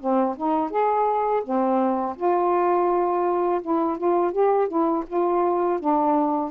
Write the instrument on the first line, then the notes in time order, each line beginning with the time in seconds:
saxophone
0.00 C4
0.37 D#4
0.71 G#4
1.44 C4
2.17 F4
3.62 E4
3.98 F4
4.32 G4
4.68 E4
5.07 F4
5.79 D4